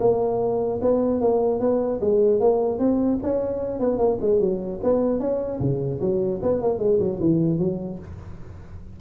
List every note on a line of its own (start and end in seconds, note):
0.00 0.80 A#3
0.81 1.21 B3
1.21 1.60 A#3
1.60 2.00 B3
2.01 2.40 G#3
2.40 2.79 A#3
2.79 3.19 C4
3.23 3.79 C#4
3.79 3.98 B3
3.98 4.18 A#3
4.21 4.40 G#3
4.40 4.80 F#3
4.83 5.20 B3
5.20 5.60 C#4
5.60 6.00 C#3
6.01 6.41 F#3
6.42 6.62 B3
6.62 6.79 A#3
6.79 6.99 G#3
6.99 7.19 F#3
7.20 7.59 E3
7.59 7.99 F#3